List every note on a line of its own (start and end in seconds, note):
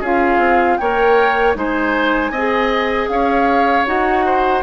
0.00 0.37 C#4
0.00 0.80 F4
0.00 0.77 G#4
0.00 0.77 F5
0.37 0.76 C4
0.77 1.55 A#3
0.77 1.55 A#4
0.77 1.57 C#5
0.77 1.54 G5
1.55 2.30 G#3
1.55 2.32 D#4
1.55 2.31 C5
1.55 3.08 G#5
2.30 3.07 C4
2.30 3.08 D#5
2.37 3.86 G#4
3.08 3.86 C#4
3.08 4.25 C#5
3.08 3.85 F5
3.86 4.63 D#4
3.86 4.63 F#4
3.86 4.63 F#5
4.25 4.63 C5